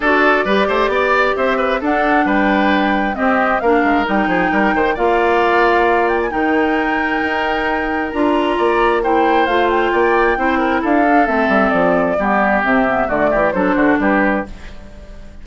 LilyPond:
<<
  \new Staff \with { instrumentName = "flute" } { \time 4/4 \tempo 4 = 133 d''2. e''4 | fis''4 g''2 dis''4 | f''4 g''2 f''4~ | f''4. g''16 gis''16 g''2~ |
g''2 ais''2 | g''4 f''8 g''2~ g''8 | f''4 e''4 d''2 | e''4 d''4 c''4 b'4 | }
  \new Staff \with { instrumentName = "oboe" } { \time 4/4 a'4 b'8 c''8 d''4 c''8 b'8 | a'4 b'2 g'4 | ais'4. gis'8 ais'8 c''8 d''4~ | d''2 ais'2~ |
ais'2. d''4 | c''2 d''4 c''8 ais'8 | a'2. g'4~ | g'4 fis'8 g'8 a'8 fis'8 g'4 | }
  \new Staff \with { instrumentName = "clarinet" } { \time 4/4 fis'4 g'2. | d'2. c'4 | d'4 dis'2 f'4~ | f'2 dis'2~ |
dis'2 f'2 | e'4 f'2 e'4~ | e'8 d'8 c'2 b4 | c'8 b8 a4 d'2 | }
  \new Staff \with { instrumentName = "bassoon" } { \time 4/4 d'4 g8 a8 b4 c'4 | d'4 g2 c'4 | ais8 gis8 g8 f8 g8 dis8 ais4~ | ais2 dis2 |
dis'2 d'4 ais4~ | ais4 a4 ais4 c'4 | d'4 a8 g8 f4 g4 | c4 d8 e8 fis8 d8 g4 | }
>>